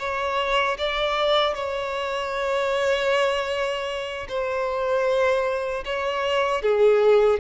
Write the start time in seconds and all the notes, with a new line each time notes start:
0.00 C#5
0.79 D5
1.55 C#5
4.29 C5
5.85 C#5
6.62 G#4